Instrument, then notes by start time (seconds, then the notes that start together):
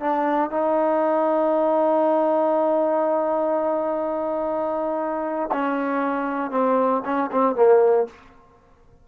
trombone
0.00 D4
0.51 D#4
5.52 C#4
6.51 C4
7.05 C#4
7.31 C4
7.55 A#3